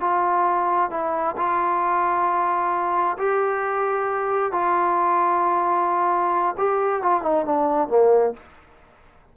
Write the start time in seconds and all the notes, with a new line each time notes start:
0.00 F4
0.90 E4
1.36 F4
3.17 G4
4.52 F4
6.57 G4
7.02 F4
7.22 D#4
7.45 D4
7.88 A#3